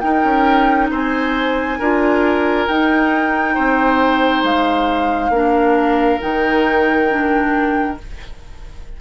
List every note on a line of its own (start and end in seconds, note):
0.00 0.24 D#4
0.00 1.80 D#4
0.00 0.91 A#4
0.00 0.88 G5
0.24 0.91 C#4
0.91 1.79 C4
0.91 1.79 C5
0.91 2.68 G#5
1.79 2.68 D4
1.79 2.69 F4
1.79 3.55 A#4
2.68 3.57 D#4
2.68 5.33 D#4
2.68 4.44 G5
3.55 4.44 C4
3.55 5.31 C5
4.44 5.30 G#3
4.44 6.21 F5
5.30 6.18 A#3
5.30 6.21 D4
5.36 8.01 A#4
6.21 8.00 D#3
6.21 7.09 D#4
6.21 7.98 G5
7.10 7.98 D4